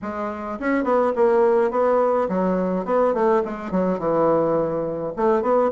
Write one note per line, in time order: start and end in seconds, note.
0.02 0.59 G#3
0.59 0.84 C#4
0.84 1.12 B3
1.15 1.71 A#3
1.71 2.28 B3
2.29 2.85 F#3
2.85 3.14 B3
3.14 3.42 A3
3.44 3.71 G#3
3.71 3.98 F#3
3.98 5.13 E3
5.16 5.42 A3
5.42 5.70 B3